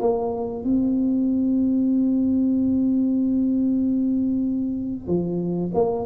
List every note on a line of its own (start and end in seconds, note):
0.00 0.64 A#3
0.64 5.07 C4
5.07 5.71 F3
5.74 6.06 A#3